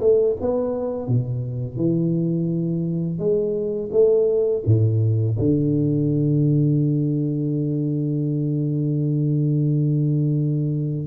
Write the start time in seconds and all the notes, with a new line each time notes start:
0.00 A3
0.41 B3
1.07 B2
1.76 E3
3.19 G#3
3.92 A3
4.65 A2
5.39 D3